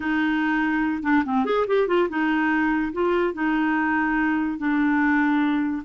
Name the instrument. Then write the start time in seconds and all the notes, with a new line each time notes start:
clarinet
0.00 D#4
1.02 D4
1.25 C4
1.45 G#4
1.67 G4
1.87 F4
2.09 D#4
2.92 F4
3.33 D#4
4.58 D4